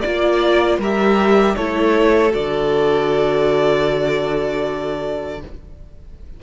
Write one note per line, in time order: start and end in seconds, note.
0.00 0.78 A#3
0.00 0.82 F4
0.00 0.77 D5
0.00 0.78 D5
0.78 1.55 G3
0.78 1.58 G4
0.78 1.55 A#4
0.78 1.55 E5
1.55 2.34 A3
1.55 2.30 E4
1.55 5.40 A4
1.55 2.32 C#5
2.30 5.42 D3
2.30 5.37 F#4
2.30 5.41 D5